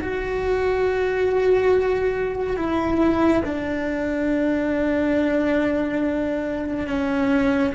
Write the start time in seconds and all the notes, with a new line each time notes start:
0.00 F#4
2.56 E4
3.44 D4
6.87 C#4